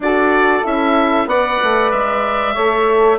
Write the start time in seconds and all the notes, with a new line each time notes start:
0.00 D4 F#4 A4 D5
0.63 C#4 E4 E5
1.25 B3 B4 D5 F#5
1.63 A3
1.91 G#3 E5
2.53 A3 A4 C#5